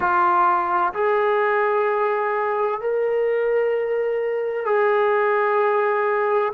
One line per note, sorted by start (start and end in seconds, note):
0.00 0.93 F4
0.93 2.80 G#4
2.80 4.65 A#4
4.65 6.52 G#4